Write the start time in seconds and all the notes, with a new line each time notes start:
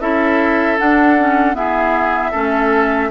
0.00 C#4 E4 A4 E5
0.78 D4 F#5
1.19 C#4
1.54 B3 E4 G#4 E5
2.31 A3 C#4 A4